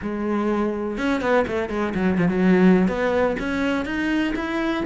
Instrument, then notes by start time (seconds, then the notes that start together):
cello
0.02 G#3
0.97 C#4
1.21 B3
1.47 A3
1.69 G#3
1.94 F#3
2.18 F3
2.28 F#3
2.88 B3
3.39 C#4
3.85 D#4
4.35 E4